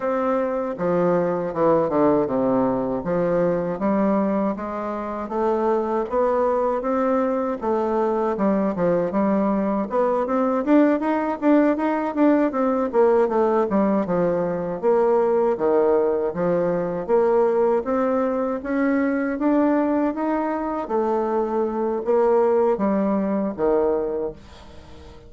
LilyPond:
\new Staff \with { instrumentName = "bassoon" } { \time 4/4 \tempo 4 = 79 c'4 f4 e8 d8 c4 | f4 g4 gis4 a4 | b4 c'4 a4 g8 f8 | g4 b8 c'8 d'8 dis'8 d'8 dis'8 |
d'8 c'8 ais8 a8 g8 f4 ais8~ | ais8 dis4 f4 ais4 c'8~ | c'8 cis'4 d'4 dis'4 a8~ | a4 ais4 g4 dis4 | }